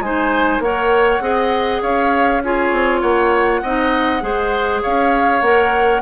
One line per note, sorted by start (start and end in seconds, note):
0.00 0.59 G#3
0.00 0.64 D#4
0.00 0.63 C5
0.00 0.62 G#5
0.59 1.20 A#3
0.59 1.22 A#4
0.59 1.23 C#5
0.59 1.82 F#5
1.21 1.81 C4
1.21 2.42 G#4
1.21 1.82 D#5
1.82 2.73 C#4
1.82 2.42 C#5
1.82 2.43 F5
2.44 3.64 F4
2.44 3.02 G#4
2.44 3.02 C#5
2.73 3.02 C4
3.02 3.62 A#3
3.02 3.62 C#5
3.02 4.82 F#5
3.63 4.23 C4
3.63 4.21 D#4
3.63 4.23 D#5
4.21 4.83 G#3
4.21 5.41 G#4
4.21 4.83 C5
4.82 5.42 C#4
4.82 6.02 C#5
4.82 5.42 F5
5.42 6.02 A#3
5.42 6.02 A#4
5.42 6.02 F#5